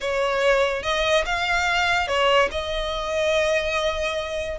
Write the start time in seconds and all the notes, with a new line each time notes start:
0.01 C#5
0.82 D#5
1.25 F5
2.07 C#5
2.51 D#5